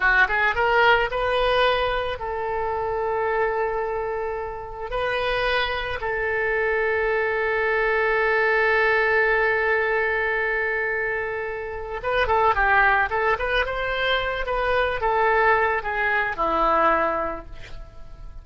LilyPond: \new Staff \with { instrumentName = "oboe" } { \time 4/4 \tempo 4 = 110 fis'8 gis'8 ais'4 b'2 | a'1~ | a'4 b'2 a'4~ | a'1~ |
a'1~ | a'2 b'8 a'8 g'4 | a'8 b'8 c''4. b'4 a'8~ | a'4 gis'4 e'2 | }